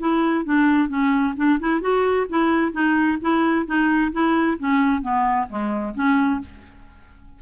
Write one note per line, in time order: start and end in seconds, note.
0.00 0.45 E4
0.45 0.89 D4
0.89 1.34 C#4
1.37 1.60 D4
1.60 1.82 E4
1.82 2.27 F#4
2.30 2.73 E4
2.73 3.19 D#4
3.22 3.66 E4
3.66 4.12 D#4
4.13 4.58 E4
4.59 5.02 C#4
5.02 5.48 B3
5.49 5.95 G#3
5.95 6.41 C#4